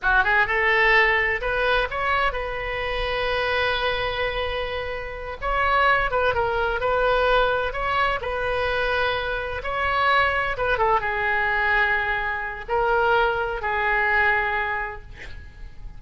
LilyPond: \new Staff \with { instrumentName = "oboe" } { \time 4/4 \tempo 4 = 128 fis'8 gis'8 a'2 b'4 | cis''4 b'2.~ | b'2.~ b'8 cis''8~ | cis''4 b'8 ais'4 b'4.~ |
b'8 cis''4 b'2~ b'8~ | b'8 cis''2 b'8 a'8 gis'8~ | gis'2. ais'4~ | ais'4 gis'2. | }